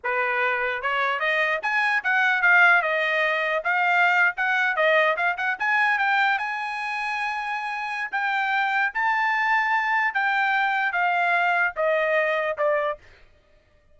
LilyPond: \new Staff \with { instrumentName = "trumpet" } { \time 4/4 \tempo 4 = 148 b'2 cis''4 dis''4 | gis''4 fis''4 f''4 dis''4~ | dis''4 f''4.~ f''16 fis''4 dis''16~ | dis''8. f''8 fis''8 gis''4 g''4 gis''16~ |
gis''1 | g''2 a''2~ | a''4 g''2 f''4~ | f''4 dis''2 d''4 | }